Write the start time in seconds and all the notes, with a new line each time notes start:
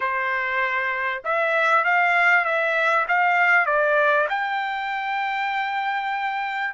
0.00 C5
1.24 E5
1.84 F5
2.44 E5
3.08 F5
3.65 D5
4.29 G5